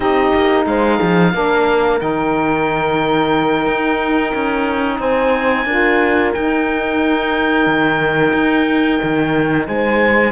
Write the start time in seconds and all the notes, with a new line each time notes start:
0.00 C4 D#4 G4 D#5
0.35 A#3
0.65 G#3 C5 F5
0.96 F3 G#4
1.33 A#3 D4 A#4
1.99 D#3 D#4 G5
3.66 D#4
4.34 C#4
4.99 C4 C5 G#5
5.65 D4 F4 A#4
6.33 D#4 G5
7.66 D#3
8.33 D#4
9.02 D#3
9.67 G#3 C5 G#5